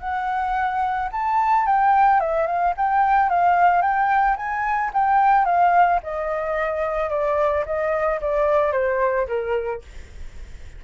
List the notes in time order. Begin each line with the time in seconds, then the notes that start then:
0.00 F#5
1.12 A5
1.67 G5
2.20 E5
2.47 F5
2.77 G5
3.30 F5
3.82 G5
4.37 G#5
4.94 G5
5.45 F5
6.03 D#5
7.10 D5
7.66 D#5
8.21 D5
8.72 C5
9.28 A#4